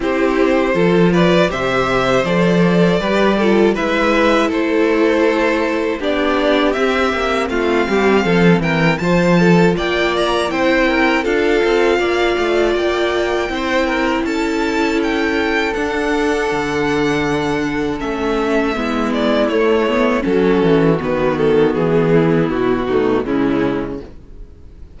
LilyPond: <<
  \new Staff \with { instrumentName = "violin" } { \time 4/4 \tempo 4 = 80 c''4. d''8 e''4 d''4~ | d''4 e''4 c''2 | d''4 e''4 f''4. g''8 | a''4 g''8 ais''8 g''4 f''4~ |
f''4 g''2 a''4 | g''4 fis''2. | e''4. d''8 cis''4 a'4 | b'8 a'8 gis'4 fis'4 e'4 | }
  \new Staff \with { instrumentName = "violin" } { \time 4/4 g'4 a'8 b'8 c''2 | b'8 a'8 b'4 a'2 | g'2 f'8 g'8 a'8 ais'8 | c''8 a'8 d''4 c''8 ais'8 a'4 |
d''2 c''8 ais'8 a'4~ | a'1~ | a'4 e'2 fis'4~ | fis'4. e'4 dis'8 cis'4 | }
  \new Staff \with { instrumentName = "viola" } { \time 4/4 e'4 f'4 g'4 a'4 | g'8 f'8 e'2. | d'4 c'2. | f'2 e'4 f'4~ |
f'2 e'2~ | e'4 d'2. | cis'4 b4 a8 b8 cis'4 | b2~ b8 a8 gis4 | }
  \new Staff \with { instrumentName = "cello" } { \time 4/4 c'4 f4 c4 f4 | g4 gis4 a2 | b4 c'8 ais8 a8 g8 f8 e8 | f4 ais4 c'4 d'8 c'8 |
ais8 a8 ais4 c'4 cis'4~ | cis'4 d'4 d2 | a4 gis4 a4 fis8 e8 | dis4 e4 b,4 cis4 | }
>>